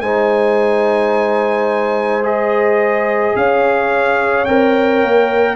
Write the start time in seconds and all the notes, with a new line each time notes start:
0.00 G#3 D#4 C5 G#5
2.23 G#4 D#5
3.35 C#4 C#5 F5
4.45 C4 A#4 G5
5.02 A#3